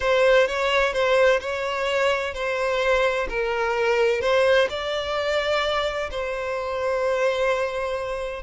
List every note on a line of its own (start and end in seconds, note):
0.00 0.47 C5
0.47 0.93 C#5
0.93 1.40 C5
1.40 2.34 C#5
2.34 3.27 C5
3.29 4.21 A#4
4.21 4.68 C5
4.69 6.10 D5
6.10 8.42 C5